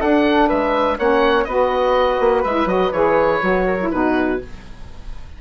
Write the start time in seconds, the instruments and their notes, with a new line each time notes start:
0.00 saxophone D4, bassoon D4, flute A4, oboe F#5
0.47 bassoon G#3, flute B4, oboe E5
0.97 bassoon A#3, saxophone C#4, flute C#5, oboe F#5
1.44 bassoon B3, saxophone F#4, flute B4, oboe D#5
2.20 bassoon A#3
2.43 bassoon G#3, saxophone E4, oboe E5
2.65 bassoon F#3, saxophone F#4, oboe D#5
2.91 bassoon E3, saxophone G#4, oboe C#5
3.41 bassoon F#3, saxophone F#4
3.66 flute A#4
3.80 saxophone E4
3.90 bassoon B2, saxophone D#4, flute F#4, oboe B4